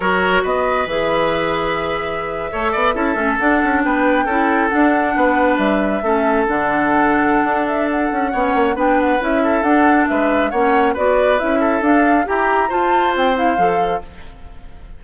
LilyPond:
<<
  \new Staff \with { instrumentName = "flute" } { \time 4/4 \tempo 4 = 137 cis''4 dis''4 e''2~ | e''2.~ e''8. fis''16~ | fis''8. g''2 fis''4~ fis''16~ | fis''8. e''2 fis''4~ fis''16~ |
fis''4. e''8 fis''2 | g''8 fis''8 e''4 fis''4 e''4 | fis''4 d''4 e''4 f''4 | ais''4 a''4 g''8 f''4. | }
  \new Staff \with { instrumentName = "oboe" } { \time 4/4 ais'4 b'2.~ | b'4.~ b'16 cis''8 d''8 a'4~ a'16~ | a'8. b'4 a'2 b'16~ | b'4.~ b'16 a'2~ a'16~ |
a'2. cis''4 | b'4. a'4. b'4 | cis''4 b'4. a'4. | g'4 c''2. | }
  \new Staff \with { instrumentName = "clarinet" } { \time 4/4 fis'2 gis'2~ | gis'4.~ gis'16 a'4 e'8 cis'8 d'16~ | d'4.~ d'16 e'4 d'4~ d'16~ | d'4.~ d'16 cis'4 d'4~ d'16~ |
d'2. cis'4 | d'4 e'4 d'2 | cis'4 fis'4 e'4 d'4 | g'4 f'4. e'8 a'4 | }
  \new Staff \with { instrumentName = "bassoon" } { \time 4/4 fis4 b4 e2~ | e4.~ e16 a8 b8 cis'8 a8 d'16~ | d'16 cis'8 b4 cis'4 d'4 b16~ | b8. g4 a4 d4~ d16~ |
d4 d'4. cis'8 b8 ais8 | b4 cis'4 d'4 gis4 | ais4 b4 cis'4 d'4 | e'4 f'4 c'4 f4 | }
>>